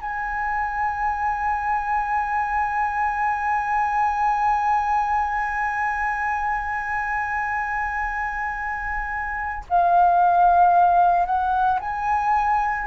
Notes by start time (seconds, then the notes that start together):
0.00 G#5
9.69 F5
11.25 F#5
11.80 G#5